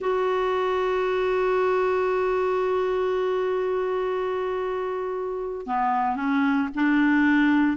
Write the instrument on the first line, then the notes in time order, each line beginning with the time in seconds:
clarinet
0.00 F#4
5.66 B3
6.16 C#4
6.74 D4